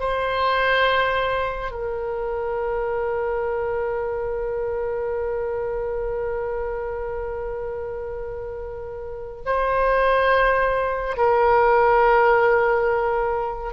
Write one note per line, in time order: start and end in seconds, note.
0.00 1.71 C5
1.71 9.43 A#4
9.46 11.17 C5
11.17 13.73 A#4